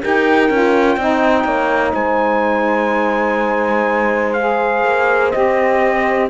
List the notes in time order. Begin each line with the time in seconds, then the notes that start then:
0.00 D#4 G4 A#4 G5
0.50 C#4 F4
0.97 C4 D#4 D#5
1.44 A#3 C#5
1.94 G#3 C5 G#5
4.33 G#4 F5
4.84 A#3
5.31 C4 G4 D#5